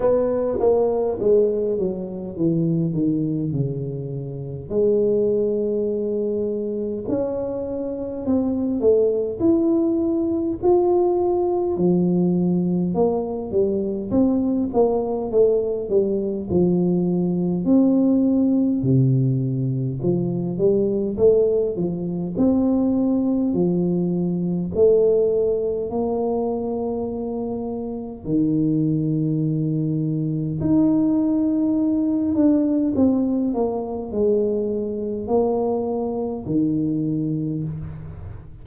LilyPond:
\new Staff \with { instrumentName = "tuba" } { \time 4/4 \tempo 4 = 51 b8 ais8 gis8 fis8 e8 dis8 cis4 | gis2 cis'4 c'8 a8 | e'4 f'4 f4 ais8 g8 | c'8 ais8 a8 g8 f4 c'4 |
c4 f8 g8 a8 f8 c'4 | f4 a4 ais2 | dis2 dis'4. d'8 | c'8 ais8 gis4 ais4 dis4 | }